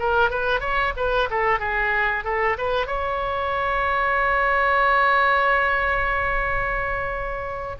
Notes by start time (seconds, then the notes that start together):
0.00 A#4
0.31 B4
0.61 C#5
0.97 B4
1.31 A4
1.60 G#4
2.25 A4
2.58 B4
2.87 C#5